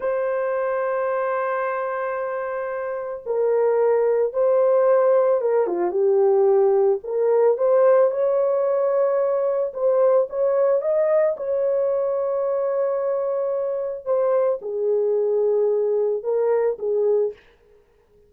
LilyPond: \new Staff \with { instrumentName = "horn" } { \time 4/4 \tempo 4 = 111 c''1~ | c''2 ais'2 | c''2 ais'8 f'8 g'4~ | g'4 ais'4 c''4 cis''4~ |
cis''2 c''4 cis''4 | dis''4 cis''2.~ | cis''2 c''4 gis'4~ | gis'2 ais'4 gis'4 | }